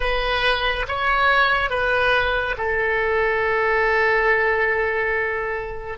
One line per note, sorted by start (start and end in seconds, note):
0.00 0.86 B4
0.88 1.69 C#5
1.69 2.55 B4
2.57 5.98 A4